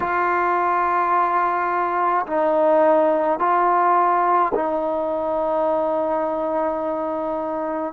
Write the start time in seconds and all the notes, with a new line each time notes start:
0.00 F4
2.26 D#4
3.39 F4
4.54 D#4